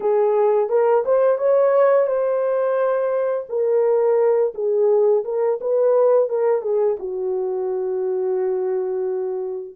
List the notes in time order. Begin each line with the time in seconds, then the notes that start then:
0.00 G#4
0.69 A#4
1.05 C5
1.38 C#5
2.06 C5
3.49 A#4
4.54 G#4
5.24 A#4
5.60 B4
6.29 A#4
6.61 G#4
6.99 F#4